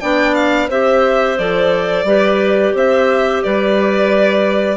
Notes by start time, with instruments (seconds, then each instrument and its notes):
0.00 bassoon B3, clarinet D4 D5, violin G5
0.34 violin F5
0.68 bassoon C4, clarinet G4 C5, violin E5
1.37 bassoon F3, clarinet A4, violin D5
2.04 bassoon G3, clarinet G4 B4
2.74 bassoon C4, clarinet C5, violin E5
3.43 bassoon G3, clarinet B4, violin D5